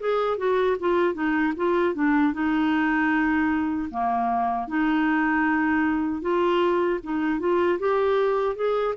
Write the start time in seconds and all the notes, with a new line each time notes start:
0.00 G#4
0.38 F#4
0.80 F4
1.14 D#4
1.56 F4
1.94 D4
2.33 D#4
3.91 A#3
4.68 D#4
6.22 F4
7.03 D#4
7.40 F4
7.79 G4
8.56 G#4